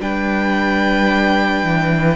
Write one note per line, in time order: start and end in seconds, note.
0.00 1.63 G3
0.00 2.15 D4
0.00 2.15 B4
0.00 2.15 G5
1.63 2.15 E3